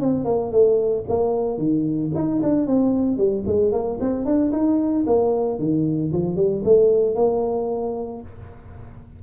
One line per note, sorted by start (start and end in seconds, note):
0.00 0.25 C4
0.25 0.51 A#3
0.51 1.05 A3
1.08 1.58 A#3
1.58 2.11 D#3
2.15 2.41 D#4
2.43 2.67 D4
2.67 3.17 C4
3.17 3.44 G3
3.47 3.72 G#3
3.72 3.99 A#3
4.00 4.25 C4
4.25 4.52 D4
4.52 5.05 D#4
5.07 5.59 A#3
5.59 6.12 D#3
6.13 6.36 F3
6.36 6.63 G3
6.64 7.15 A3
7.15 8.21 A#3